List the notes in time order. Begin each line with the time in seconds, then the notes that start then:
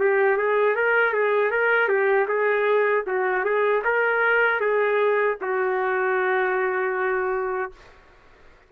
0.00 G4
0.37 G#4
0.76 A#4
1.14 G#4
1.51 A#4
1.89 G4
2.28 G#4
3.07 F#4
3.45 G#4
3.85 A#4
4.60 G#4
5.41 F#4